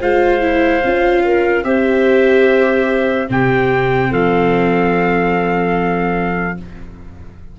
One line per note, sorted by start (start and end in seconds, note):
0.00 0.84 G#3
0.00 0.41 F4
0.00 1.23 C5
0.00 1.64 F5
0.41 0.82 E4
0.84 1.64 C#4
0.84 1.64 F4
1.23 1.64 A#4
1.64 3.28 C4
1.64 3.27 G4
1.64 3.28 C5
1.64 3.28 E5
3.27 4.11 C3
3.27 6.56 C4
3.27 4.10 G4
3.27 4.13 G5
4.10 6.58 F3
4.10 6.57 A4
4.10 6.59 F5